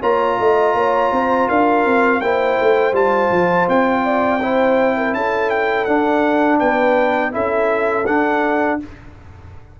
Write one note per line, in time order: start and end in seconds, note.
0.00 0.39 A#3
0.00 2.21 F4
0.00 0.37 C#5
0.00 1.49 A#5
0.39 0.74 A3
0.39 0.75 D#5
0.74 1.11 A#3
0.74 1.13 C#5
1.12 1.48 C4
1.12 1.48 C5
1.48 1.85 D4
1.48 2.21 A#4
1.48 2.21 F5
1.85 2.22 C4
2.21 2.59 A#3
2.21 2.93 E4
2.21 4.05 C5
2.21 2.94 G5
2.61 2.92 A3
2.92 3.29 G3
2.92 4.39 F4
2.92 3.68 A5
3.31 3.67 F3
3.68 5.13 C4
3.68 5.14 G5
4.05 4.41 D5
4.41 5.87 E4
4.41 4.96 C5
4.97 5.16 A#4
5.13 5.86 C#4
5.13 6.59 A4
5.13 5.50 A5
5.50 5.85 G5
5.85 6.60 D4
5.85 7.32 D4
5.85 6.58 F#5
6.59 7.35 B3
6.59 7.32 B4
6.59 7.32 G5
7.32 8.06 C#4
7.32 8.05 E4
7.32 8.80 A4
7.32 8.06 E5
8.06 8.80 D4
8.06 8.79 F#5